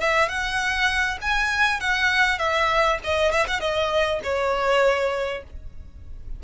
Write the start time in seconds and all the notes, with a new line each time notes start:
0.00 E5
0.28 F#5
1.21 G#5
1.80 F#5
2.38 E5
3.04 D#5
3.31 E5
3.47 F#5
3.60 D#5
4.23 C#5